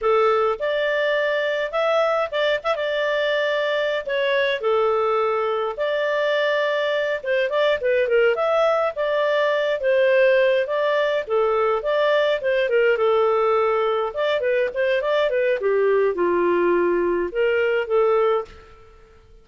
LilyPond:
\new Staff \with { instrumentName = "clarinet" } { \time 4/4 \tempo 4 = 104 a'4 d''2 e''4 | d''8 e''16 d''2~ d''16 cis''4 | a'2 d''2~ | d''8 c''8 d''8 b'8 ais'8 e''4 d''8~ |
d''4 c''4. d''4 a'8~ | a'8 d''4 c''8 ais'8 a'4.~ | a'8 d''8 b'8 c''8 d''8 b'8 g'4 | f'2 ais'4 a'4 | }